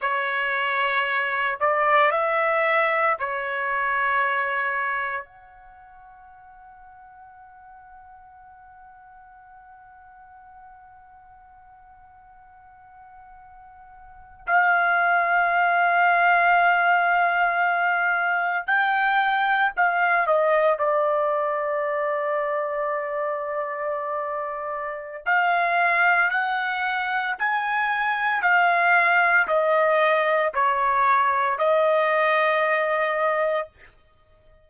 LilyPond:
\new Staff \with { instrumentName = "trumpet" } { \time 4/4 \tempo 4 = 57 cis''4. d''8 e''4 cis''4~ | cis''4 fis''2.~ | fis''1~ | fis''4.~ fis''16 f''2~ f''16~ |
f''4.~ f''16 g''4 f''8 dis''8 d''16~ | d''1 | f''4 fis''4 gis''4 f''4 | dis''4 cis''4 dis''2 | }